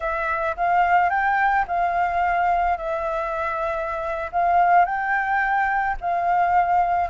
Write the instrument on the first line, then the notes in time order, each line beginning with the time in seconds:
flute
0.00 E5
0.56 F5
1.09 G5
1.67 F5
2.77 E5
4.32 F5
4.85 G5
6.00 F5